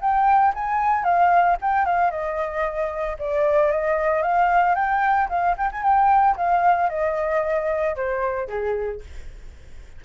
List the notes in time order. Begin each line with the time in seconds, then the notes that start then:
0.00 G5
0.54 G#5
1.03 F5
1.61 G5
1.85 F5
2.10 D#5
3.19 D5
3.71 D#5
4.22 F5
4.75 G5
5.29 F5
5.57 G5
5.72 G#5
5.82 G5
6.36 F5
6.89 D#5
7.95 C5
8.48 G#4